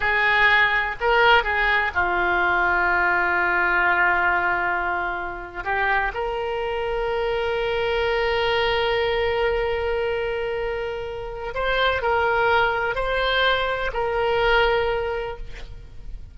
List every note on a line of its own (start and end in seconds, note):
0.00 0.95 G#4
1.00 1.43 A#4
1.43 1.91 G#4
1.94 5.64 F4
5.64 6.12 G4
6.14 11.54 A#4
11.54 12.02 C5
12.02 12.95 A#4
12.95 13.91 C5
13.93 15.37 A#4